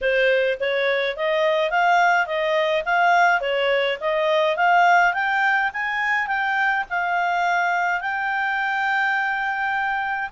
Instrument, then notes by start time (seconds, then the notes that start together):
clarinet
0.01 C5
0.59 C#5
1.16 D#5
1.70 F5
2.26 D#5
2.85 F5
3.40 C#5
4.00 D#5
4.56 F5
5.13 G5
5.73 G#5
6.27 G5
6.89 F5
8.01 G5